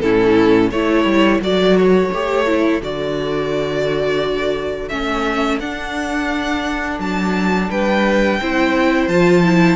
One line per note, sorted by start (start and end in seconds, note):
0.00 0.72 A2
0.00 0.73 C#4
0.00 0.71 E4
0.00 0.70 A4
0.71 1.05 A3
0.71 1.43 E4
0.71 7.68 A4
0.71 1.41 C#5
1.05 1.40 G3
1.40 2.10 F#3
1.40 2.12 F#4
1.40 1.77 D5
1.77 2.82 C#5
2.13 2.81 A3
2.13 2.47 G4
2.47 2.82 E4
2.81 4.90 D3
2.81 4.90 F#4
2.81 4.89 D5
4.89 5.60 A3
4.89 5.60 C#4
4.89 5.58 E5
5.60 6.99 D4
5.60 8.41 D4
5.60 7.00 F#5
6.99 7.69 F#3
6.99 7.71 A5
7.70 8.41 G3
7.70 8.40 B4
7.70 9.08 G5
8.42 9.08 C4
8.42 9.10 E4
8.42 9.76 C5
9.08 9.76 F3
9.08 9.44 F4
9.08 9.76 A5
9.44 9.76 E4